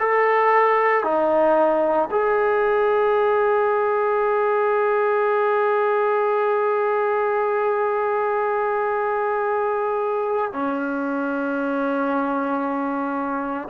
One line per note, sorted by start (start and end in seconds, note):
0.00 1.04 A4
1.04 2.09 D#4
2.11 10.53 G#4
10.53 13.69 C#4